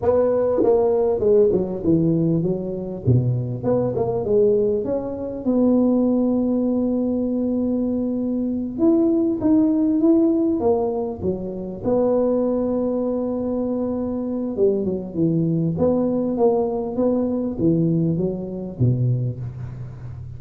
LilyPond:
\new Staff \with { instrumentName = "tuba" } { \time 4/4 \tempo 4 = 99 b4 ais4 gis8 fis8 e4 | fis4 b,4 b8 ais8 gis4 | cis'4 b2.~ | b2~ b8 e'4 dis'8~ |
dis'8 e'4 ais4 fis4 b8~ | b1 | g8 fis8 e4 b4 ais4 | b4 e4 fis4 b,4 | }